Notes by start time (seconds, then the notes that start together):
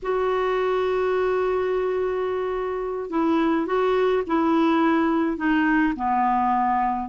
0.02 F#4
3.10 E4
3.66 F#4
4.26 E4
5.37 D#4
5.95 B3